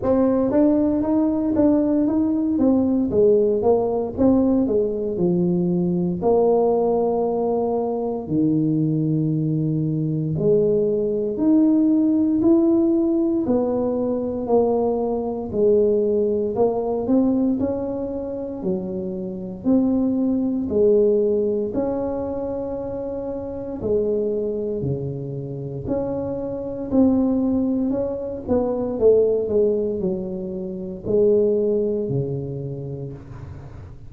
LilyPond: \new Staff \with { instrumentName = "tuba" } { \time 4/4 \tempo 4 = 58 c'8 d'8 dis'8 d'8 dis'8 c'8 gis8 ais8 | c'8 gis8 f4 ais2 | dis2 gis4 dis'4 | e'4 b4 ais4 gis4 |
ais8 c'8 cis'4 fis4 c'4 | gis4 cis'2 gis4 | cis4 cis'4 c'4 cis'8 b8 | a8 gis8 fis4 gis4 cis4 | }